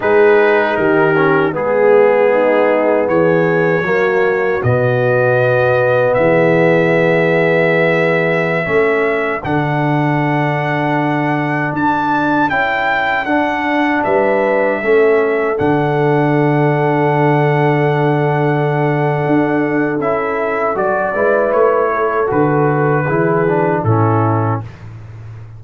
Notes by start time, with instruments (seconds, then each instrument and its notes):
0.00 tuba G#3, trombone D#4, horn G#4, trumpet B4
0.76 tuba D#3, horn G4, trumpet A#4
1.15 trombone C#4
1.52 tuba G#3, trombone B3, trumpet G#4, horn G#4
2.32 horn D#4
3.07 tuba E3, horn G#4, trumpet C#5
3.81 tuba F#3, trombone A#3, horn F#4
4.63 tuba B2, trombone B3, trumpet D#5
6.14 tuba E3, horn G#4, trumpet E5
8.64 tuba A3, trombone C#4, horn A4
9.43 tuba D3, trombone D4, trumpet F#5
11.72 tuba D4, trumpet A5
12.49 tuba C#4, trombone E4, trumpet G5
13.25 tuba D4, trombone D4, trumpet F#5
14.03 tuba G3, horn B4, trumpet E5
14.81 tuba A3, trombone C#4, horn A4
15.56 tuba D3, trombone D4, trumpet F#5
19.26 tuba D4
19.99 tuba C#4, trombone E4, trumpet E5
20.74 tuba F#3, trombone F#4, trumpet D5
21.14 tuba G#3, trombone E4, horn B4
21.52 tuba A3, trumpet C#5
21.93 horn A4
22.27 tuba D3, trombone F#4, trumpet B4
23.05 tuba E3, trombone E4, horn G#4
23.48 trombone D4
23.83 tuba A2, trombone C#4, horn E4, trumpet A4